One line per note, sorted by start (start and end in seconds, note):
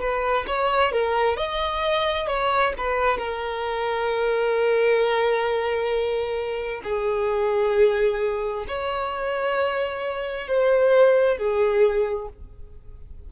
0.00 0.45 B4
0.48 0.92 C#5
0.92 1.37 A#4
1.37 2.28 D#5
2.28 2.74 C#5
2.78 3.19 B4
3.19 6.82 A#4
6.84 8.66 G#4
8.68 10.48 C#5
10.48 11.38 C5
11.38 12.29 G#4